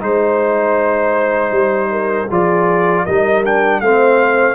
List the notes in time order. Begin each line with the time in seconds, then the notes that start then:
0.00 G#3 D#4 C5
1.51 G3
1.92 A#4
2.28 F3 F4 G#4 D5
3.05 G3 D#4 A#4 D#5
3.45 D4 G5
3.81 A3 C4 C5 F5